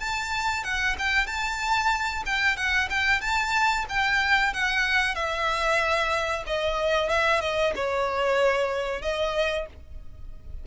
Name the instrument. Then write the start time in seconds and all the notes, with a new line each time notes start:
violin
0.00 A5
0.64 F#5
0.99 G5
1.27 A5
2.26 G5
2.57 F#5
2.90 G5
3.21 A5
3.89 G5
4.53 F#5
5.15 E5
6.47 D#5
7.10 E5
7.41 D#5
7.76 C#5
9.02 D#5